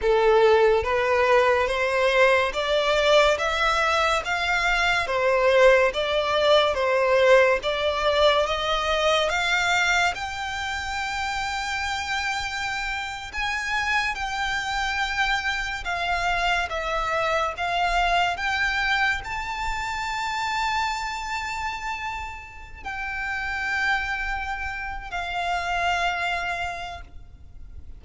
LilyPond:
\new Staff \with { instrumentName = "violin" } { \time 4/4 \tempo 4 = 71 a'4 b'4 c''4 d''4 | e''4 f''4 c''4 d''4 | c''4 d''4 dis''4 f''4 | g''2.~ g''8. gis''16~ |
gis''8. g''2 f''4 e''16~ | e''8. f''4 g''4 a''4~ a''16~ | a''2. g''4~ | g''4.~ g''16 f''2~ f''16 | }